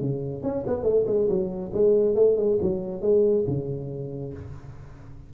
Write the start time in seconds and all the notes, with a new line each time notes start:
0.00 C#3
0.42 C#4
0.67 B3
0.83 A3
1.07 G#3
1.28 F#3
1.73 G#3
2.15 A3
2.36 G#3
2.61 F#3
3.01 G#3
3.47 C#3